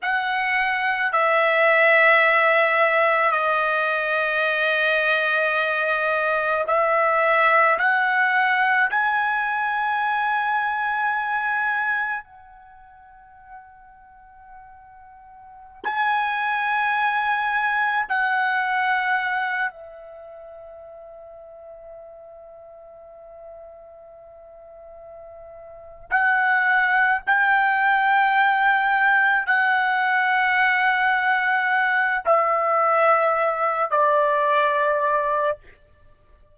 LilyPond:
\new Staff \with { instrumentName = "trumpet" } { \time 4/4 \tempo 4 = 54 fis''4 e''2 dis''4~ | dis''2 e''4 fis''4 | gis''2. fis''4~ | fis''2~ fis''16 gis''4.~ gis''16~ |
gis''16 fis''4. e''2~ e''16~ | e''2.~ e''8 fis''8~ | fis''8 g''2 fis''4.~ | fis''4 e''4. d''4. | }